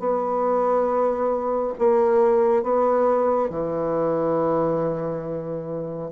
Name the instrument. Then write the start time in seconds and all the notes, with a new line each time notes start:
bassoon
0.00 B3
1.79 A#3
2.63 B3
3.50 E3